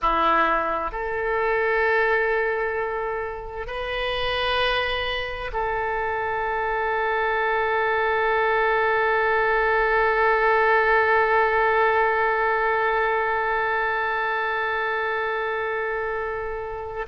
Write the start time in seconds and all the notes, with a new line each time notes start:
0.01 E4
0.91 A4
3.66 B4
5.52 A4